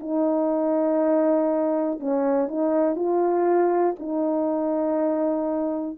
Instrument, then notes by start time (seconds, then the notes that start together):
horn
0.00 D#4
2.00 C#4
2.48 D#4
2.95 F4
3.99 D#4